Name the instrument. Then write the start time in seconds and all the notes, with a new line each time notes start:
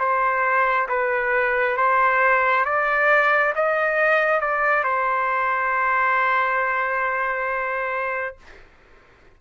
trumpet
0.00 C5
0.89 B4
1.78 C5
2.66 D5
3.56 D#5
4.41 D5
4.84 C5